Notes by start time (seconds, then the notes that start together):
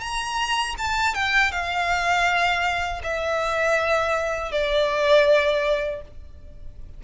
0.00 A#5
0.78 A5
1.14 G5
1.51 F5
3.03 E5
4.51 D5